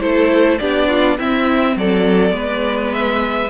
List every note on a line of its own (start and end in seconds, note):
0.00 0.60 A3
0.00 0.58 E4
0.00 0.60 A4
0.00 0.58 C5
0.58 1.19 B3
0.58 1.18 D4
0.58 0.88 G4
0.58 1.17 D5
0.88 1.17 F4
1.18 2.31 C4
1.18 1.76 C4
1.18 1.76 E4
1.18 1.77 E5
1.76 2.32 F#3
1.76 2.34 A4
1.76 2.93 D5
2.31 3.48 G#3
2.31 3.47 B3
2.31 3.50 B4
2.93 3.50 E5